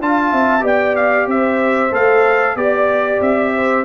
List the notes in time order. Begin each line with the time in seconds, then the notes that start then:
0.00 D4 F4 F5 A5
0.32 C4 E5
0.60 B3 G4 D5
0.66 G5
0.96 F5
1.26 C4 C5 E5
1.92 A3 A4 F5
2.55 B3 G4 D5
3.20 C4 E5
3.54 C5